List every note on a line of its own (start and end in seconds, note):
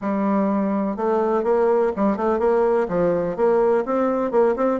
0.01 0.96 G3
0.96 1.43 A3
1.43 1.91 A#3
1.96 2.16 G3
2.16 2.39 A3
2.39 2.87 A#3
2.88 3.36 F3
3.36 3.84 A#3
3.85 4.31 C4
4.31 4.55 A#3
4.56 4.80 C4